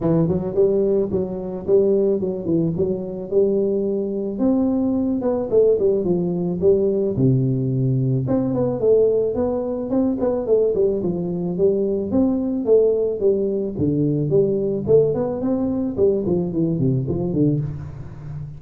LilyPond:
\new Staff \with { instrumentName = "tuba" } { \time 4/4 \tempo 4 = 109 e8 fis8 g4 fis4 g4 | fis8 e8 fis4 g2 | c'4. b8 a8 g8 f4 | g4 c2 c'8 b8 |
a4 b4 c'8 b8 a8 g8 | f4 g4 c'4 a4 | g4 d4 g4 a8 b8 | c'4 g8 f8 e8 c8 f8 d8 | }